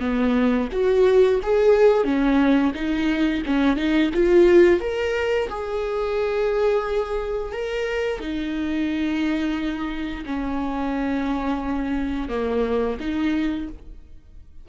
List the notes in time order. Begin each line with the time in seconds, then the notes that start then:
0.00 B3
0.72 F#4
1.43 G#4
2.04 C#4
2.74 D#4
3.46 C#4
3.76 D#4
4.14 F4
4.80 A#4
5.49 G#4
7.52 A#4
8.20 D#4
10.26 C#4
12.29 A#3
13.00 D#4